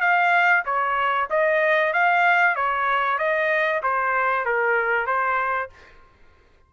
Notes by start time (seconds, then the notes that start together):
0.00 F5
0.65 C#5
1.30 D#5
1.93 F5
2.55 C#5
3.18 D#5
3.82 C5
4.45 A#4
5.06 C5